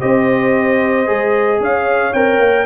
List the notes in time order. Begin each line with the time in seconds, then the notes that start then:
0.00 C4 G4 C5 D#5
1.06 G#3 G#4
1.60 C#4 C#5 F5
2.13 C4 A#4 G5
2.39 A#3